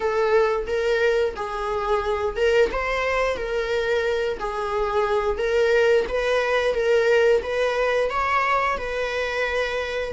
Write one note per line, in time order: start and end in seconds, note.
0.00 0.66 A4
0.66 1.34 A#4
1.36 2.36 G#4
2.36 2.70 A#4
2.72 3.36 C5
3.36 4.38 A#4
4.39 5.37 G#4
5.37 6.05 A#4
6.08 6.74 B4
6.74 7.42 A#4
7.42 8.10 B4
8.10 8.77 C#5
8.77 10.12 B4